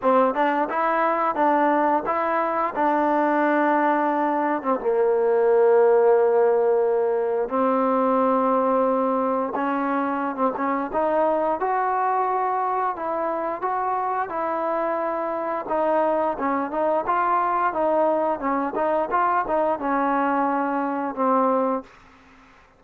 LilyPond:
\new Staff \with { instrumentName = "trombone" } { \time 4/4 \tempo 4 = 88 c'8 d'8 e'4 d'4 e'4 | d'2~ d'8. c'16 ais4~ | ais2. c'4~ | c'2 cis'4~ cis'16 c'16 cis'8 |
dis'4 fis'2 e'4 | fis'4 e'2 dis'4 | cis'8 dis'8 f'4 dis'4 cis'8 dis'8 | f'8 dis'8 cis'2 c'4 | }